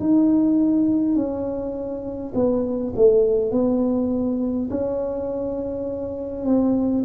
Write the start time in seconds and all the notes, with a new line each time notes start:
0.00 D#4
1.16 C#4
2.35 B3
2.96 A3
3.52 B3
4.71 C#4
6.46 C4